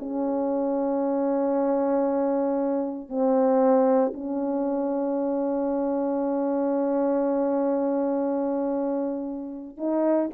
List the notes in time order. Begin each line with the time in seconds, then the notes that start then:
0.00 C#4
3.09 C4
4.14 C#4
9.78 D#4